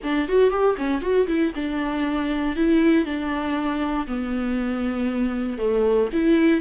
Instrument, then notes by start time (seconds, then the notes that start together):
viola
0.03 D4
0.28 F#4
0.50 G4
0.77 C#4
1.01 F#4
1.27 E4
1.55 D4
2.55 E4
3.05 D4
4.07 B3
5.58 A3
6.12 E4